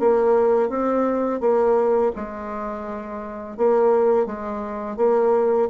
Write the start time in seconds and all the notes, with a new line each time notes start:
0.00 A#3
0.69 C4
1.41 A#3
2.16 G#3
3.57 A#3
4.26 G#3
4.97 A#3